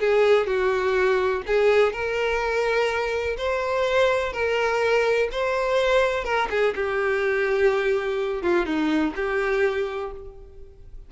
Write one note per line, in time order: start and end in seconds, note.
0.00 0.46 G#4
0.46 1.42 F#4
1.46 1.92 G#4
1.92 3.36 A#4
3.37 4.32 C5
4.32 5.28 A#4
5.32 6.24 C5
6.24 6.48 A#4
6.50 6.74 G#4
6.75 8.42 G4
8.42 8.66 F4
8.66 9.14 D#4
9.15 10.11 G4